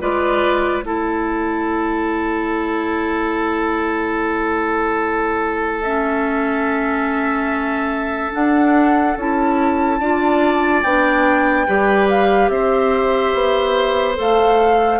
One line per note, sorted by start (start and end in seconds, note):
0.00 0.82 G#3
0.00 0.83 F4
0.00 0.84 B4
0.00 0.83 D5
0.82 8.32 A3
0.82 5.84 E4
0.82 10.00 A4
0.82 5.82 C#5
5.82 8.32 C#4
5.82 8.32 E5
8.32 9.15 D4
8.32 9.16 D4
8.32 9.17 F#5
9.16 9.99 C#4
9.16 10.01 E4
9.16 10.82 A5
9.99 10.82 D4
9.99 10.84 F4
9.99 11.66 D5
10.82 11.67 B3
10.82 11.66 D4
10.82 12.07 G5
11.66 12.49 G3
11.66 14.15 G4
11.66 12.51 B4
12.09 12.49 F5
12.49 13.32 C4
12.49 14.99 C5
12.49 14.15 E5
13.34 14.17 B3
14.15 14.99 A3
14.15 14.98 A4
14.15 14.99 F5